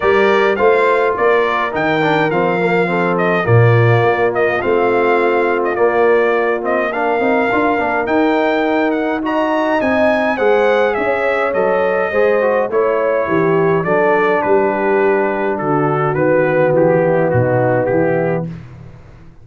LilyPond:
<<
  \new Staff \with { instrumentName = "trumpet" } { \time 4/4 \tempo 4 = 104 d''4 f''4 d''4 g''4 | f''4. dis''8 d''4. dis''8 | f''4.~ f''16 dis''16 d''4. dis''8 | f''2 g''4. fis''8 |
ais''4 gis''4 fis''4 e''4 | dis''2 cis''2 | d''4 b'2 a'4 | b'4 g'4 fis'4 g'4 | }
  \new Staff \with { instrumentName = "horn" } { \time 4/4 ais'4 c''4 ais'2~ | ais'4 a'4 f'2~ | f'1 | ais'1 |
dis''2 c''4 cis''4~ | cis''4 c''4 cis''4 g'4 | a'4 g'2 fis'4~ | fis'4. e'8 dis'4 e'4 | }
  \new Staff \with { instrumentName = "trombone" } { \time 4/4 g'4 f'2 dis'8 d'8 | c'8 ais8 c'4 ais2 | c'2 ais4. c'8 | d'8 dis'8 f'8 d'8 dis'2 |
fis'4 dis'4 gis'2 | a'4 gis'8 fis'8 e'2 | d'1 | b1 | }
  \new Staff \with { instrumentName = "tuba" } { \time 4/4 g4 a4 ais4 dis4 | f2 ais,4 ais4 | a2 ais2~ | ais8 c'8 d'8 ais8 dis'2~ |
dis'4 c'4 gis4 cis'4 | fis4 gis4 a4 e4 | fis4 g2 d4 | dis4 e4 b,4 e4 | }
>>